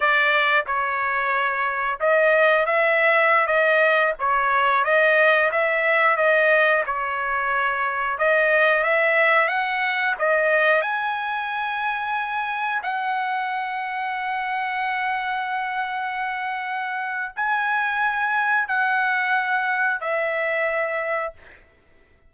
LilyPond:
\new Staff \with { instrumentName = "trumpet" } { \time 4/4 \tempo 4 = 90 d''4 cis''2 dis''4 | e''4~ e''16 dis''4 cis''4 dis''8.~ | dis''16 e''4 dis''4 cis''4.~ cis''16~ | cis''16 dis''4 e''4 fis''4 dis''8.~ |
dis''16 gis''2. fis''8.~ | fis''1~ | fis''2 gis''2 | fis''2 e''2 | }